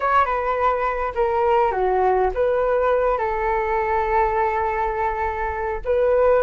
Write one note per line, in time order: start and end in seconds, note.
0.00 0.25 C#5
0.25 1.12 B4
1.14 1.71 A#4
1.71 2.30 F#4
2.34 3.18 B4
3.18 5.80 A4
5.84 6.42 B4